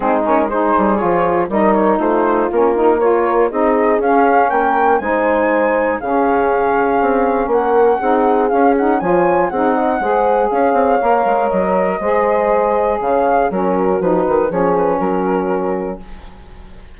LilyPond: <<
  \new Staff \with { instrumentName = "flute" } { \time 4/4 \tempo 4 = 120 gis'8 ais'8 c''4 cis''4 dis''8 cis''8 | c''4 ais'4 cis''4 dis''4 | f''4 g''4 gis''2 | f''2. fis''4~ |
fis''4 f''8 fis''8 gis''4 fis''4~ | fis''4 f''2 dis''4~ | dis''2 f''4 ais'4 | b'4 cis''8 b'8 ais'2 | }
  \new Staff \with { instrumentName = "horn" } { \time 4/4 dis'4 gis'2 ais'4 | f'2 ais'4 gis'4~ | gis'4 ais'4 c''2 | gis'2. ais'4 |
gis'2 cis''4 gis'8 dis''8 | c''4 cis''2. | c''2 cis''4 fis'4~ | fis'4 gis'4 fis'2 | }
  \new Staff \with { instrumentName = "saxophone" } { \time 4/4 c'8 cis'8 dis'4 f'4 dis'4~ | dis'4 cis'8 dis'8 f'4 dis'4 | cis'2 dis'2 | cis'1 |
dis'4 cis'8 dis'8 f'4 dis'4 | gis'2 ais'2 | gis'2. cis'4 | dis'4 cis'2. | }
  \new Staff \with { instrumentName = "bassoon" } { \time 4/4 gis4. g8 f4 g4 | a4 ais2 c'4 | cis'4 ais4 gis2 | cis2 c'4 ais4 |
c'4 cis'4 f4 c'4 | gis4 cis'8 c'8 ais8 gis8 fis4 | gis2 cis4 fis4 | f8 dis8 f4 fis2 | }
>>